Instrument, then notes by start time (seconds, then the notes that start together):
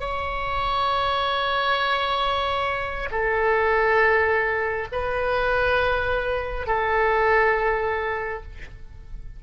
oboe
0.00 C#5
3.11 A4
4.92 B4
6.67 A4